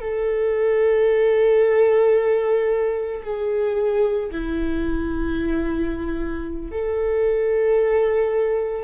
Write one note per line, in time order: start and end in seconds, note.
0.00 3.21 A4
3.22 4.30 G#4
4.31 6.71 E4
6.71 8.83 A4